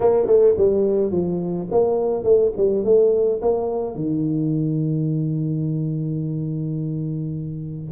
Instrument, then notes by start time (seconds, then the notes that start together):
tuba
0.00 A#3
0.26 A3
0.57 G3
1.11 F3
1.71 A#3
2.23 A3
2.56 G3
2.84 A3
3.41 A#3
3.95 D#3